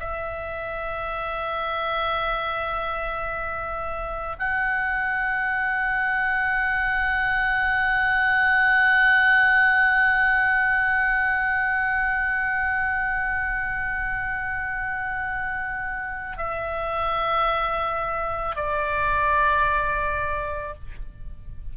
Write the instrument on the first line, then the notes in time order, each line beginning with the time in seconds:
oboe
0.00 E5
4.39 F#5
16.38 E5
18.57 D5